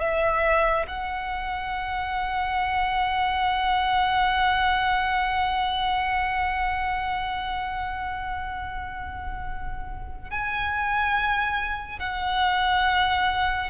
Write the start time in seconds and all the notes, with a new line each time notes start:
0.00 E5
0.87 F#5
10.30 G#5
12.00 F#5